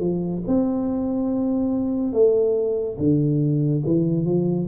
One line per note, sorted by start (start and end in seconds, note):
0.00 0.42 F3
0.47 2.13 C4
2.13 2.97 A3
2.98 3.83 D3
3.86 4.25 E3
4.25 4.67 F3